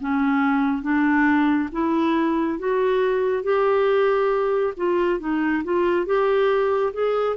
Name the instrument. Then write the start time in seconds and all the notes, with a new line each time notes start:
clarinet
0.00 C#4
0.82 D4
1.72 E4
2.58 F#4
3.43 G4
4.76 F4
5.19 D#4
5.64 F4
6.06 G4
6.93 G#4